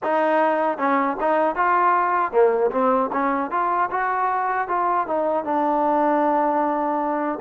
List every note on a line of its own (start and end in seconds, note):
0.03 0.78 D#4
0.78 1.17 C#4
1.20 1.55 D#4
1.55 2.31 F4
2.31 2.70 A#3
2.71 3.10 C4
3.12 3.50 C#4
3.50 3.89 F4
3.90 4.68 F#4
4.68 5.06 F4
5.06 5.44 D#4
5.44 7.38 D4